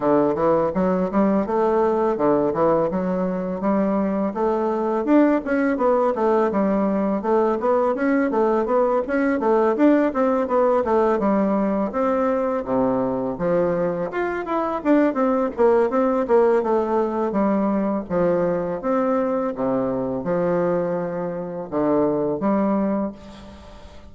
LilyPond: \new Staff \with { instrumentName = "bassoon" } { \time 4/4 \tempo 4 = 83 d8 e8 fis8 g8 a4 d8 e8 | fis4 g4 a4 d'8 cis'8 | b8 a8 g4 a8 b8 cis'8 a8 | b8 cis'8 a8 d'8 c'8 b8 a8 g8~ |
g8 c'4 c4 f4 f'8 | e'8 d'8 c'8 ais8 c'8 ais8 a4 | g4 f4 c'4 c4 | f2 d4 g4 | }